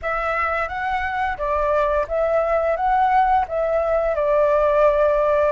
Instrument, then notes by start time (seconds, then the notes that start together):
flute
0.02 E5
0.68 F#5
1.37 D5
2.08 E5
2.76 F#5
3.47 E5
4.15 D5